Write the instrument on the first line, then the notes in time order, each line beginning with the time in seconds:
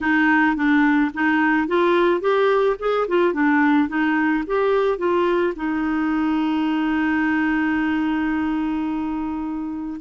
clarinet
0.00 D#4
0.56 D4
1.14 D#4
1.67 F4
2.20 G4
2.79 G#4
3.07 F4
3.33 D4
3.88 D#4
4.46 G4
4.97 F4
5.56 D#4